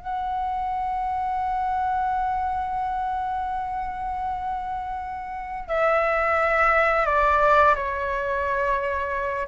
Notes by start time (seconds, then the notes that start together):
0.00 F#5
5.69 E5
7.06 D5
7.75 C#5